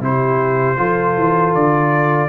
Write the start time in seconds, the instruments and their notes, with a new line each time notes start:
0.00 tuba C3, trombone E4, horn G4, trumpet C5
0.77 tuba F3, trombone F4, horn A4
1.16 tuba E3
1.54 tuba D3, trumpet D5